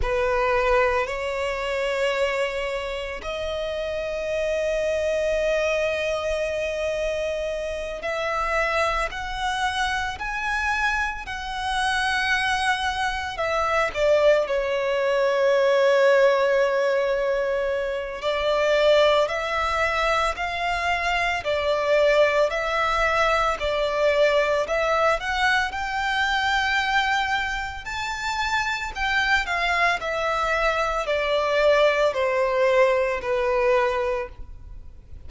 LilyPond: \new Staff \with { instrumentName = "violin" } { \time 4/4 \tempo 4 = 56 b'4 cis''2 dis''4~ | dis''2.~ dis''8 e''8~ | e''8 fis''4 gis''4 fis''4.~ | fis''8 e''8 d''8 cis''2~ cis''8~ |
cis''4 d''4 e''4 f''4 | d''4 e''4 d''4 e''8 fis''8 | g''2 a''4 g''8 f''8 | e''4 d''4 c''4 b'4 | }